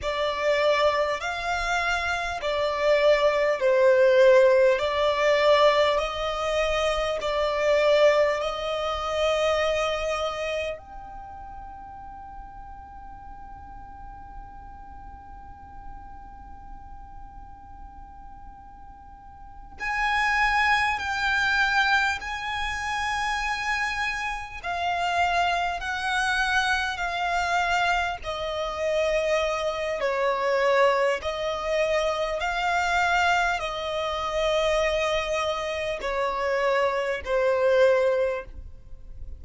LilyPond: \new Staff \with { instrumentName = "violin" } { \time 4/4 \tempo 4 = 50 d''4 f''4 d''4 c''4 | d''4 dis''4 d''4 dis''4~ | dis''4 g''2.~ | g''1~ |
g''8 gis''4 g''4 gis''4.~ | gis''8 f''4 fis''4 f''4 dis''8~ | dis''4 cis''4 dis''4 f''4 | dis''2 cis''4 c''4 | }